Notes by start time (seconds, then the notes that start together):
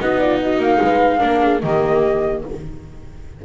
0.00 B3 D#4 F#4 D#5
0.19 F4 D5
0.41 F#4 D#5
0.59 A#3 F5
0.82 G#3 B4
1.19 A#3 D4 A#4
1.43 G#4
1.62 D#3 A#3 G4 D#5